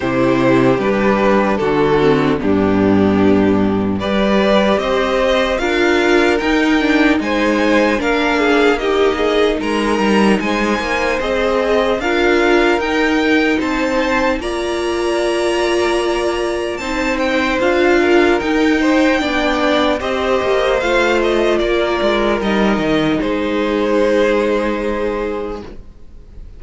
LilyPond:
<<
  \new Staff \with { instrumentName = "violin" } { \time 4/4 \tempo 4 = 75 c''4 b'4 a'4 g'4~ | g'4 d''4 dis''4 f''4 | g''4 gis''4 f''4 dis''4 | ais''4 gis''4 dis''4 f''4 |
g''4 a''4 ais''2~ | ais''4 a''8 g''8 f''4 g''4~ | g''4 dis''4 f''8 dis''8 d''4 | dis''4 c''2. | }
  \new Staff \with { instrumentName = "violin" } { \time 4/4 g'2 fis'4 d'4~ | d'4 b'4 c''4 ais'4~ | ais'4 c''4 ais'8 gis'8 g'8 gis'8 | ais'4 c''2 ais'4~ |
ais'4 c''4 d''2~ | d''4 c''4. ais'4 c''8 | d''4 c''2 ais'4~ | ais'4 gis'2. | }
  \new Staff \with { instrumentName = "viola" } { \time 4/4 e'4 d'4. c'8 b4~ | b4 g'2 f'4 | dis'8 d'8 dis'4 d'4 dis'4~ | dis'2 gis'4 f'4 |
dis'2 f'2~ | f'4 dis'4 f'4 dis'4 | d'4 g'4 f'2 | dis'1 | }
  \new Staff \with { instrumentName = "cello" } { \time 4/4 c4 g4 d4 g,4~ | g,4 g4 c'4 d'4 | dis'4 gis4 ais2 | gis8 g8 gis8 ais8 c'4 d'4 |
dis'4 c'4 ais2~ | ais4 c'4 d'4 dis'4 | b4 c'8 ais8 a4 ais8 gis8 | g8 dis8 gis2. | }
>>